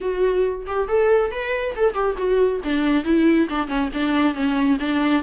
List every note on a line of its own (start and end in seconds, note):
0.01 0.66 F#4
0.66 0.88 G4
0.88 1.31 A4
1.31 1.74 B4
1.76 1.93 A4
1.93 2.15 G4
2.17 2.60 F#4
2.64 3.04 D4
3.04 3.48 E4
3.49 3.67 D4
3.67 3.89 C#4
3.93 4.34 D4
4.34 4.77 C#4
4.79 5.23 D4